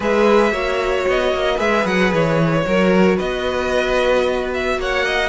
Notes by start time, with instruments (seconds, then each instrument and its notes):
0.00 cello G#3, viola G#4, violin B4 E5
0.52 cello A#3, viola F#4, violin C#5
1.07 cello B3, violin D#5
1.34 cello A#3
1.55 cello G#3, viola G#4, violin B4 E5
1.85 cello F#3, violin F#5
2.12 cello E3, violin C#5
2.65 cello F#3, viola F#4, violin A#4
3.16 cello B3, violin B4 D#5
4.54 violin E5
4.77 cello A#3, violin C#5 F#5
5.05 violin D#5